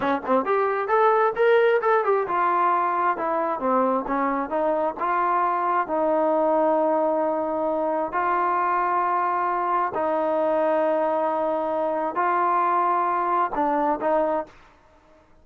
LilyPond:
\new Staff \with { instrumentName = "trombone" } { \time 4/4 \tempo 4 = 133 cis'8 c'8 g'4 a'4 ais'4 | a'8 g'8 f'2 e'4 | c'4 cis'4 dis'4 f'4~ | f'4 dis'2.~ |
dis'2 f'2~ | f'2 dis'2~ | dis'2. f'4~ | f'2 d'4 dis'4 | }